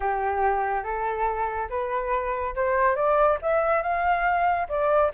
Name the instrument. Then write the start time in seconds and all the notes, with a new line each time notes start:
flute
0.00 G4
0.83 A4
1.69 B4
2.55 C5
2.95 D5
3.42 E5
3.82 F5
4.68 D5